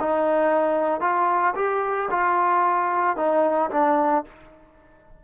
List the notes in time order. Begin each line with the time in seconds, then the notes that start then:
0.00 D#4
1.01 F4
1.55 G4
2.11 F4
3.17 D#4
3.71 D4